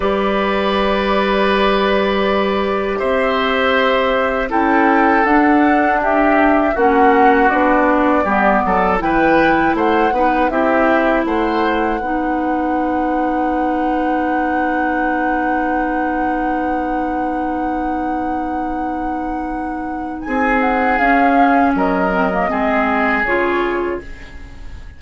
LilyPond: <<
  \new Staff \with { instrumentName = "flute" } { \time 4/4 \tempo 4 = 80 d''1 | e''2 g''4 fis''4 | e''4 fis''4 d''2 | g''4 fis''4 e''4 fis''4~ |
fis''1~ | fis''1~ | fis''2. gis''8 fis''8 | f''4 dis''2 cis''4 | }
  \new Staff \with { instrumentName = "oboe" } { \time 4/4 b'1 | c''2 a'2 | g'4 fis'2 g'8 a'8 | b'4 c''8 b'8 g'4 c''4 |
b'1~ | b'1~ | b'2. gis'4~ | gis'4 ais'4 gis'2 | }
  \new Staff \with { instrumentName = "clarinet" } { \time 4/4 g'1~ | g'2 e'4 d'4~ | d'4 cis'4 d'4 b4 | e'4. dis'8 e'2 |
dis'1~ | dis'1~ | dis'1 | cis'4. c'16 ais16 c'4 f'4 | }
  \new Staff \with { instrumentName = "bassoon" } { \time 4/4 g1 | c'2 cis'4 d'4~ | d'4 ais4 b4 g8 fis8 | e4 a8 b8 c'4 a4 |
b1~ | b1~ | b2. c'4 | cis'4 fis4 gis4 cis4 | }
>>